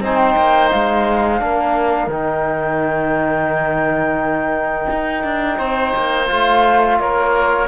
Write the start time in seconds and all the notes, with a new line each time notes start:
0.00 C4 D#4 C5 G#5
0.17 G5
0.36 A#3
0.70 G#3 F5
1.39 A#3 D4 A#4
2.07 D#3 D#4 G5
4.90 D#4
5.23 D4
5.58 C4 C5
5.95 A#3
6.27 A3 F4 F5
6.99 A#3 A#4 C#5